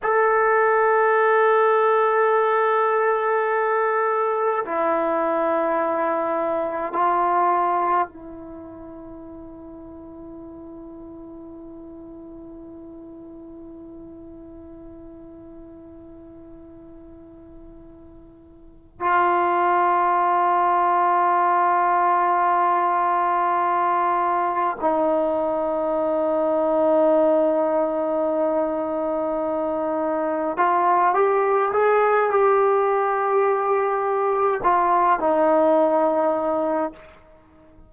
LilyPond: \new Staff \with { instrumentName = "trombone" } { \time 4/4 \tempo 4 = 52 a'1 | e'2 f'4 e'4~ | e'1~ | e'1~ |
e'8 f'2.~ f'8~ | f'4. dis'2~ dis'8~ | dis'2~ dis'8 f'8 g'8 gis'8 | g'2 f'8 dis'4. | }